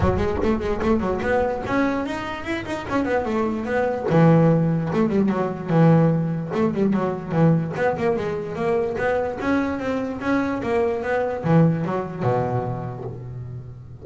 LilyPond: \new Staff \with { instrumentName = "double bass" } { \time 4/4 \tempo 4 = 147 fis8 gis8 a8 gis8 a8 fis8 b4 | cis'4 dis'4 e'8 dis'8 cis'8 b8 | a4 b4 e2 | a8 g8 fis4 e2 |
a8 g8 fis4 e4 b8 ais8 | gis4 ais4 b4 cis'4 | c'4 cis'4 ais4 b4 | e4 fis4 b,2 | }